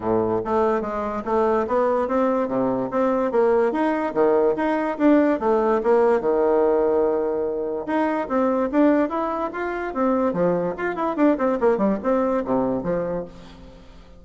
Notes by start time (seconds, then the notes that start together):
0.00 A2
0.44 A3
0.81 G#3
1.25 A3
1.67 B3
2.07 C4
2.48 C3
2.90 C4
3.31 A#3
3.71 D#4
4.14 D#3
4.56 D#4
4.98 D4
5.39 A3
5.83 A#3
6.20 D#3
7.86 D#4
8.28 C4
8.71 D4
9.09 E4
9.52 F4
9.93 C4
10.33 F3
10.77 F4
10.95 E4
11.16 D4
11.38 C4
11.60 A#3
11.77 G3
12.02 C4
12.44 C3
12.83 F3